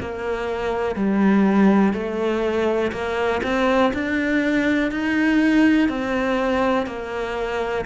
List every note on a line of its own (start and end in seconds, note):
0.00 0.95 A#3
0.95 1.93 G3
1.93 2.92 A3
2.92 3.41 A#3
3.43 3.92 C4
3.93 4.91 D4
4.91 5.89 D#4
5.89 6.86 C4
6.86 7.85 A#3